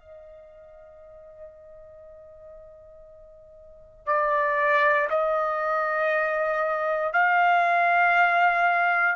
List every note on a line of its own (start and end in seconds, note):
0.00 4.06 D#5
4.06 5.08 D5
5.10 7.13 D#5
7.13 9.16 F5